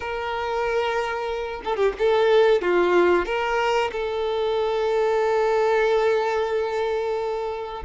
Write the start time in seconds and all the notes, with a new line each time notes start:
0.00 A#4
1.64 A4
1.76 G4
1.98 A4
2.61 F4
3.25 A#4
3.91 A4